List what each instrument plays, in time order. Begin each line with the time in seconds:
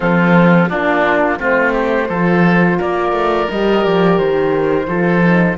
0.00 cello F3, horn C4, oboe F4, flute A4
0.69 cello A#3, oboe D4, horn D4, flute F4
1.37 cello A3, horn C4, oboe F4, flute C5
1.72 oboe G4
2.08 cello F3, horn F4, oboe A4
2.77 cello A#3, oboe A#4, flute D5
3.12 cello A3
3.50 cello G3, horn G4, flute D#5
3.84 cello F3, flute D5
4.18 cello D#3, flute C5
4.87 cello F3, horn F4, oboe A4
5.22 horn D#4